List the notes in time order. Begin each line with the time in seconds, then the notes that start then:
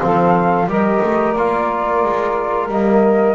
0.00 F3 C4 A4 F5
0.67 G3 G4 A#4 D#5
1.03 A3
1.32 A#3 F4 D5
2.04 G#3
2.69 G3 A#3 D#5